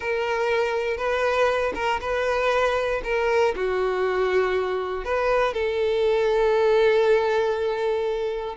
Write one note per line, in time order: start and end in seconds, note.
0.00 0.97 A#4
0.97 1.73 B4
1.74 2.00 A#4
2.01 3.01 B4
3.04 3.54 A#4
3.55 5.04 F#4
5.04 5.53 B4
5.53 8.56 A4